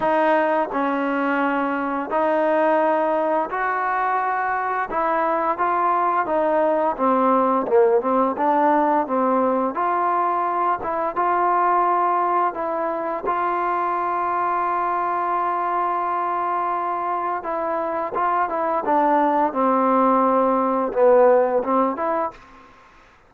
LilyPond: \new Staff \with { instrumentName = "trombone" } { \time 4/4 \tempo 4 = 86 dis'4 cis'2 dis'4~ | dis'4 fis'2 e'4 | f'4 dis'4 c'4 ais8 c'8 | d'4 c'4 f'4. e'8 |
f'2 e'4 f'4~ | f'1~ | f'4 e'4 f'8 e'8 d'4 | c'2 b4 c'8 e'8 | }